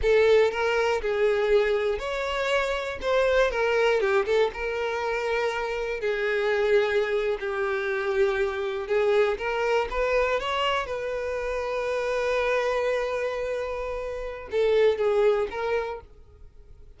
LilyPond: \new Staff \with { instrumentName = "violin" } { \time 4/4 \tempo 4 = 120 a'4 ais'4 gis'2 | cis''2 c''4 ais'4 | g'8 a'8 ais'2. | gis'2~ gis'8. g'4~ g'16~ |
g'4.~ g'16 gis'4 ais'4 b'16~ | b'8. cis''4 b'2~ b'16~ | b'1~ | b'4 a'4 gis'4 ais'4 | }